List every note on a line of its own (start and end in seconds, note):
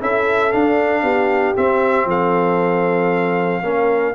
0.00 0.53 C#4
0.00 0.52 E4
0.00 1.03 A4
0.00 0.52 E5
0.52 1.56 D4
0.52 1.03 D4
0.52 1.55 F5
1.03 1.55 B3
1.03 2.06 G4
1.56 3.63 C4
1.56 2.05 C4
1.56 2.08 E5
2.05 3.61 F3
2.05 3.63 A4
2.05 4.15 F5
3.63 4.15 A#3
3.63 4.15 C#4
3.63 4.15 A#4